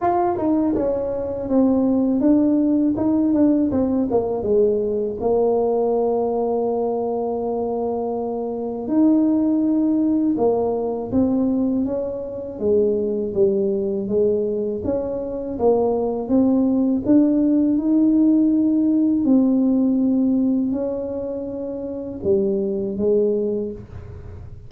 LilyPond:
\new Staff \with { instrumentName = "tuba" } { \time 4/4 \tempo 4 = 81 f'8 dis'8 cis'4 c'4 d'4 | dis'8 d'8 c'8 ais8 gis4 ais4~ | ais1 | dis'2 ais4 c'4 |
cis'4 gis4 g4 gis4 | cis'4 ais4 c'4 d'4 | dis'2 c'2 | cis'2 g4 gis4 | }